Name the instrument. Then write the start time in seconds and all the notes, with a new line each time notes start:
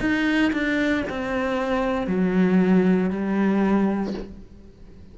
cello
0.00 D#4
0.53 D4
1.09 C4
2.07 F#3
3.10 G3